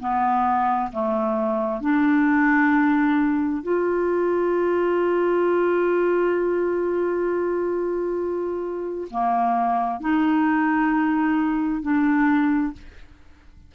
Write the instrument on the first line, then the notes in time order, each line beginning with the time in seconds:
clarinet
0.00 B3
0.92 A3
1.81 D4
3.63 F4
9.10 A#3
10.00 D#4
11.82 D4